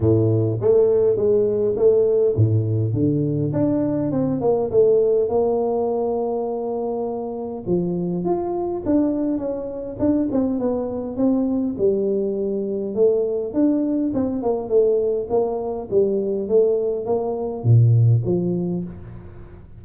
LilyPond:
\new Staff \with { instrumentName = "tuba" } { \time 4/4 \tempo 4 = 102 a,4 a4 gis4 a4 | a,4 d4 d'4 c'8 ais8 | a4 ais2.~ | ais4 f4 f'4 d'4 |
cis'4 d'8 c'8 b4 c'4 | g2 a4 d'4 | c'8 ais8 a4 ais4 g4 | a4 ais4 ais,4 f4 | }